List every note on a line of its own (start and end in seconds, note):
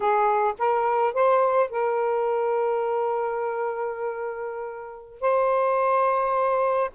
0.00 0.54 G#4
0.58 1.13 A#4
1.13 1.70 C5
1.70 5.20 A#4
5.20 6.90 C5